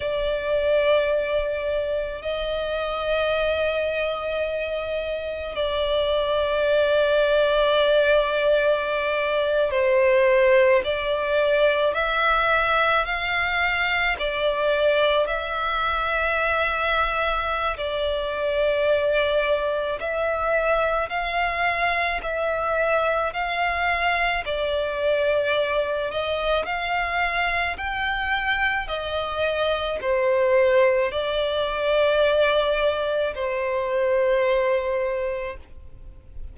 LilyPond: \new Staff \with { instrumentName = "violin" } { \time 4/4 \tempo 4 = 54 d''2 dis''2~ | dis''4 d''2.~ | d''8. c''4 d''4 e''4 f''16~ | f''8. d''4 e''2~ e''16 |
d''2 e''4 f''4 | e''4 f''4 d''4. dis''8 | f''4 g''4 dis''4 c''4 | d''2 c''2 | }